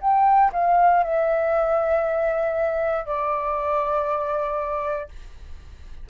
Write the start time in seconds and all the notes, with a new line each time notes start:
0.00 G5
0.52 F5
1.03 E5
3.05 D5